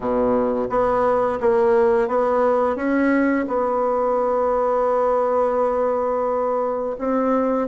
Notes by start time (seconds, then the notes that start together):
0.00 B2
0.69 B3
1.40 A#3
2.07 B3
2.76 C#4
3.47 B3
6.98 C4